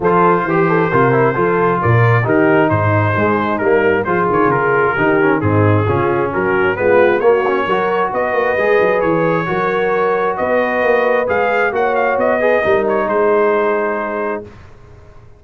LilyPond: <<
  \new Staff \with { instrumentName = "trumpet" } { \time 4/4 \tempo 4 = 133 c''1 | d''4 ais'4 c''2 | ais'4 c''8 cis''8 ais'2 | gis'2 ais'4 b'4 |
cis''2 dis''2 | cis''2. dis''4~ | dis''4 f''4 fis''8 f''8 dis''4~ | dis''8 cis''8 c''2. | }
  \new Staff \with { instrumentName = "horn" } { \time 4/4 a'4 g'8 a'8 ais'4 a'4 | ais'4 g'4 dis'2~ | dis'4 gis'2 g'4 | dis'4 f'4 fis'4 f'4 |
fis'4 ais'4 b'2~ | b'4 ais'2 b'4~ | b'2 cis''4. b'8 | ais'4 gis'2. | }
  \new Staff \with { instrumentName = "trombone" } { \time 4/4 f'4 g'4 f'8 e'8 f'4~ | f'4 dis'2 gis4 | ais4 f'2 dis'8 cis'8 | c'4 cis'2 b4 |
ais8 cis'8 fis'2 gis'4~ | gis'4 fis'2.~ | fis'4 gis'4 fis'4. gis'8 | dis'1 | }
  \new Staff \with { instrumentName = "tuba" } { \time 4/4 f4 e4 c4 f4 | ais,4 dis4 gis,4 gis4 | g4 f8 dis8 cis4 dis4 | gis,4 cis4 fis4 gis4 |
ais4 fis4 b8 ais8 gis8 fis8 | e4 fis2 b4 | ais4 gis4 ais4 b4 | g4 gis2. | }
>>